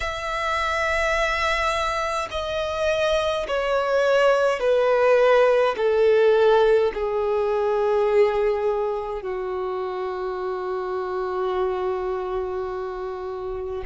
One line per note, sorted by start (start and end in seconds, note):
0.00 2.28 E5
2.31 3.46 D#5
3.47 4.59 C#5
4.59 5.75 B4
5.76 6.92 A4
6.93 9.22 G#4
9.22 13.83 F#4